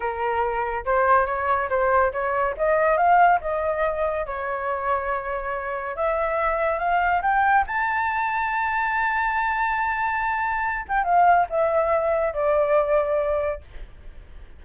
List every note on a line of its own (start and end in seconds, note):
0.00 0.85 A#4
0.85 1.26 C5
1.26 1.68 C#5
1.69 2.12 C5
2.12 2.55 C#5
2.57 2.97 D#5
2.97 3.39 F5
3.40 4.26 D#5
4.26 5.96 C#5
5.96 6.79 E5
6.79 7.21 F5
7.22 7.64 G5
7.66 10.85 A5
10.88 11.04 G5
11.04 11.46 F5
11.49 12.33 E5
12.33 13.61 D5